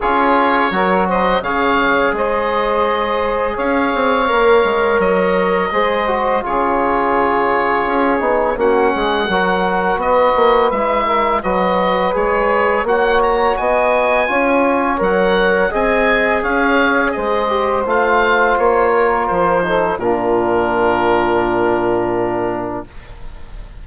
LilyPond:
<<
  \new Staff \with { instrumentName = "oboe" } { \time 4/4 \tempo 4 = 84 cis''4. dis''8 f''4 dis''4~ | dis''4 f''2 dis''4~ | dis''4 cis''2. | fis''2 dis''4 e''4 |
dis''4 cis''4 fis''8 ais''8 gis''4~ | gis''4 fis''4 gis''4 f''4 | dis''4 f''4 cis''4 c''4 | ais'1 | }
  \new Staff \with { instrumentName = "saxophone" } { \time 4/4 gis'4 ais'8 c''8 cis''4 c''4~ | c''4 cis''2. | c''4 gis'2. | fis'8 gis'8 ais'4 b'4. ais'8 |
b'2 cis''4 dis''4 | cis''2 dis''4 cis''4 | c''2~ c''8 ais'4 a'8 | f'1 | }
  \new Staff \with { instrumentName = "trombone" } { \time 4/4 f'4 fis'4 gis'2~ | gis'2 ais'2 | gis'8 fis'8 f'2~ f'8 dis'8 | cis'4 fis'2 e'4 |
fis'4 gis'4 fis'2 | f'4 ais'4 gis'2~ | gis'8 g'8 f'2~ f'8 dis'8 | d'1 | }
  \new Staff \with { instrumentName = "bassoon" } { \time 4/4 cis'4 fis4 cis4 gis4~ | gis4 cis'8 c'8 ais8 gis8 fis4 | gis4 cis2 cis'8 b8 | ais8 gis8 fis4 b8 ais8 gis4 |
fis4 gis4 ais4 b4 | cis'4 fis4 c'4 cis'4 | gis4 a4 ais4 f4 | ais,1 | }
>>